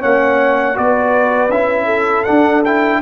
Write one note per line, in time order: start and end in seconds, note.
0.00 0.78 A#3
0.00 0.74 C#4
0.00 0.75 C#5
0.00 0.77 F#5
0.74 1.49 B3
0.74 1.49 F#4
0.74 1.85 B4
0.74 1.51 D5
1.49 2.24 C#4
1.49 2.26 E4
1.49 2.24 E5
1.85 2.98 A4
2.24 2.64 D4
2.24 3.02 D4
2.24 2.62 F#5
2.65 3.02 E4
2.65 3.02 G5